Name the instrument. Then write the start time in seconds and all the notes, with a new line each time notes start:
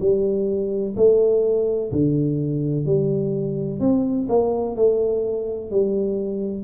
tuba
0.00 G3
0.96 A3
1.92 D3
2.85 G3
3.80 C4
4.29 A#3
4.75 A3
5.71 G3